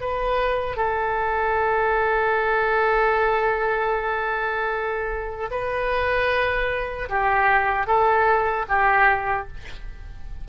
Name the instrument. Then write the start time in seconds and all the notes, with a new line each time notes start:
oboe
0.00 B4
0.76 A4
5.50 B4
7.09 G4
7.86 A4
8.68 G4